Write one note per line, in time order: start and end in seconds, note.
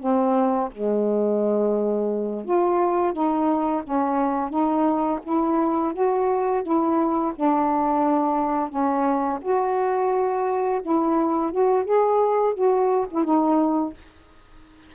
0.00 0.70 C4
0.72 2.45 G#3
2.45 3.13 F4
3.13 3.83 D#4
3.84 4.50 C#4
4.50 5.20 D#4
5.24 5.93 E4
5.94 6.63 F#4
6.63 7.33 E4
7.36 8.70 D4
8.70 9.40 C#4
9.42 10.82 F#4
10.82 11.52 E4
11.52 11.84 F#4
11.84 12.54 G#4
12.55 13.07 F#4
13.11 13.24 E4
13.24 13.94 D#4